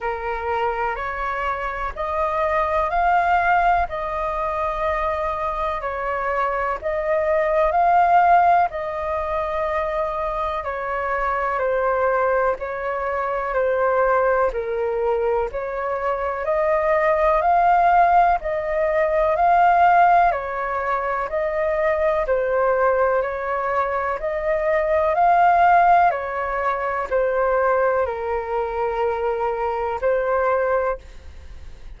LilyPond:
\new Staff \with { instrumentName = "flute" } { \time 4/4 \tempo 4 = 62 ais'4 cis''4 dis''4 f''4 | dis''2 cis''4 dis''4 | f''4 dis''2 cis''4 | c''4 cis''4 c''4 ais'4 |
cis''4 dis''4 f''4 dis''4 | f''4 cis''4 dis''4 c''4 | cis''4 dis''4 f''4 cis''4 | c''4 ais'2 c''4 | }